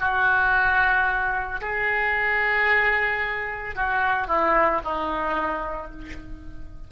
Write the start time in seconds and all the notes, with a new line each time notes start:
0.00 F#4
1.61 G#4
3.75 F#4
4.28 E4
4.85 D#4